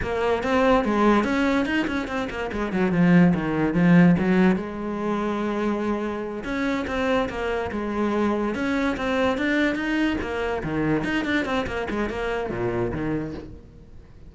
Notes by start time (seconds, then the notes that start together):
0.02 A#3
0.43 C4
0.84 G#3
1.24 C#4
1.65 D#4
1.87 C#4
2.07 C4
2.29 A#3
2.52 G#3
2.72 F#3
2.91 F3
3.34 D#3
3.74 F3
4.19 F#3
4.56 G#3
6.44 C#4
6.87 C4
7.29 A#3
7.71 G#3
8.54 C#4
8.96 C4
9.37 D4
9.75 D#4
10.21 A#3
10.63 D#3
11.04 D#4
11.25 D4
11.45 C4
11.66 A#3
11.90 G#3
12.09 A#3
12.50 A#2
12.92 D#3